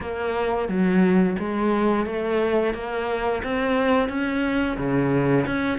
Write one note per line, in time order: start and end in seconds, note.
0.01 0.68 A#3
0.68 1.36 F#3
1.38 2.05 G#3
2.05 2.74 A3
2.74 3.42 A#3
3.43 4.08 C4
4.08 4.76 C#4
4.77 5.45 C#3
5.46 5.78 C#4